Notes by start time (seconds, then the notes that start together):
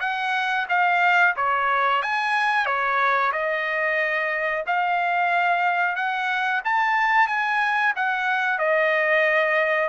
0.00 F#5
0.69 F5
1.36 C#5
2.02 G#5
2.66 C#5
3.32 D#5
4.66 F5
5.96 F#5
6.64 A5
7.27 G#5
7.96 F#5
8.59 D#5